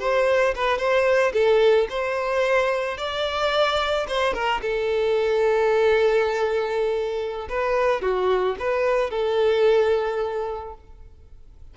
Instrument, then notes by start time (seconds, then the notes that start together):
violin
0.00 C5
0.55 B4
0.78 C5
1.33 A4
1.90 C5
2.98 D5
4.08 C5
4.34 A#4
4.62 A4
7.49 B4
8.02 F#4
8.59 B4
9.11 A4